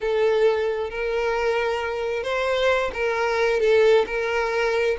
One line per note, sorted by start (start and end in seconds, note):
0.00 0.90 A4
0.90 2.23 A#4
2.23 2.91 C5
2.93 3.60 A#4
3.60 4.05 A4
4.06 4.96 A#4